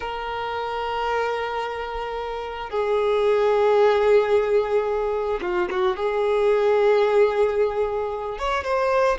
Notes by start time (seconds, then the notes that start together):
0.00 A#4
2.70 G#4
5.41 F4
5.70 F#4
5.96 G#4
8.38 C#5
8.63 C5